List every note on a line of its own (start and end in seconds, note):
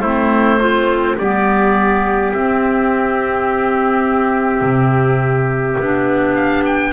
0.00 1.15 A3
0.00 0.60 C4
0.00 0.60 E4
0.00 1.16 C5
0.60 1.18 C4
0.60 1.18 F4
1.18 2.34 G3
1.18 2.35 B3
1.18 6.93 G4
1.18 2.33 D5
2.33 4.62 C4
2.33 5.81 C4
2.33 6.35 E5
4.62 5.77 C3
5.80 6.93 B3
5.80 6.93 D4
6.35 6.63 F5
6.66 6.93 G5